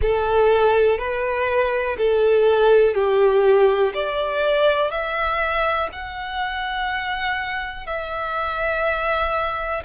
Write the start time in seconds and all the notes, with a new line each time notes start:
0.01 A4
0.98 B4
1.97 A4
2.94 G4
3.93 D5
4.90 E5
5.92 F#5
7.86 E5